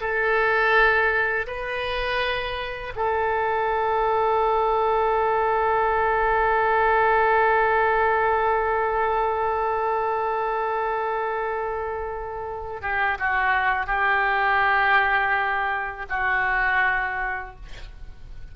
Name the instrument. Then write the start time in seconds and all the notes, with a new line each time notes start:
oboe
0.00 A4
1.47 B4
2.95 A4
12.81 G4
13.19 F#4
13.86 G4
16.09 F#4